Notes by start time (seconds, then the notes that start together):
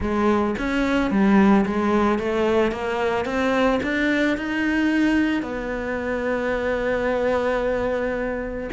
0.00 G#3
0.58 C#4
1.11 G3
1.65 G#3
2.18 A3
2.71 A#3
3.25 C4
3.83 D4
4.37 D#4
5.42 B3